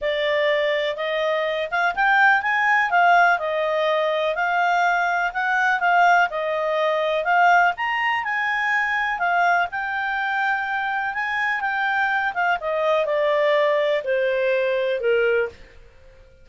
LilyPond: \new Staff \with { instrumentName = "clarinet" } { \time 4/4 \tempo 4 = 124 d''2 dis''4. f''8 | g''4 gis''4 f''4 dis''4~ | dis''4 f''2 fis''4 | f''4 dis''2 f''4 |
ais''4 gis''2 f''4 | g''2. gis''4 | g''4. f''8 dis''4 d''4~ | d''4 c''2 ais'4 | }